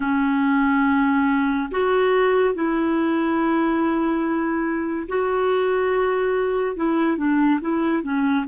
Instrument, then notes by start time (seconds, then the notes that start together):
clarinet
0.00 C#4
1.71 F#4
2.54 E4
5.08 F#4
6.76 E4
7.17 D4
7.61 E4
8.02 C#4